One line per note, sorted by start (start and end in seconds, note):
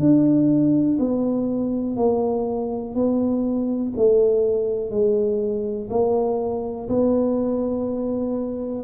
0.00 0.98 D4
1.00 1.97 B3
1.97 2.95 A#3
2.95 3.93 B3
3.97 4.90 A3
4.90 5.89 G#3
5.90 6.89 A#3
6.89 8.84 B3